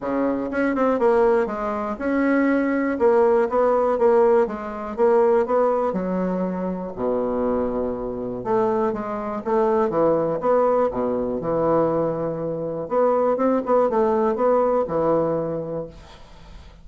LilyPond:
\new Staff \with { instrumentName = "bassoon" } { \time 4/4 \tempo 4 = 121 cis4 cis'8 c'8 ais4 gis4 | cis'2 ais4 b4 | ais4 gis4 ais4 b4 | fis2 b,2~ |
b,4 a4 gis4 a4 | e4 b4 b,4 e4~ | e2 b4 c'8 b8 | a4 b4 e2 | }